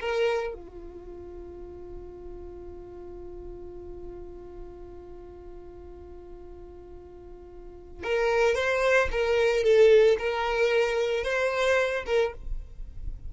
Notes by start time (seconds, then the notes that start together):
0.00 A#4
0.54 F4
8.03 A#4
8.55 C5
9.11 A#4
9.63 A4
10.19 A#4
11.24 C5
12.06 A#4